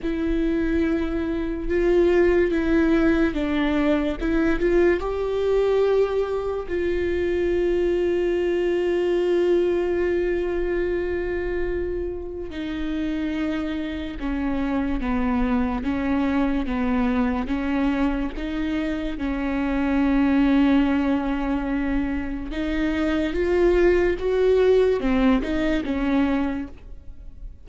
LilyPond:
\new Staff \with { instrumentName = "viola" } { \time 4/4 \tempo 4 = 72 e'2 f'4 e'4 | d'4 e'8 f'8 g'2 | f'1~ | f'2. dis'4~ |
dis'4 cis'4 b4 cis'4 | b4 cis'4 dis'4 cis'4~ | cis'2. dis'4 | f'4 fis'4 c'8 dis'8 cis'4 | }